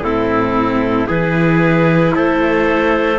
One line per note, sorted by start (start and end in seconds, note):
0.00 1.05 A2
0.00 1.07 C4
0.00 1.06 E4
0.00 1.08 A4
1.06 2.15 E3
1.06 3.18 E4
1.06 2.12 G#4
1.06 2.14 B4
2.14 3.19 A3
2.14 3.19 A4
2.14 3.19 C5